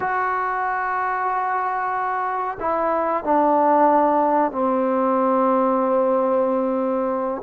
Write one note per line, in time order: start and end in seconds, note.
0.00 2.58 F#4
2.60 3.23 E4
3.23 4.51 D4
4.51 7.42 C4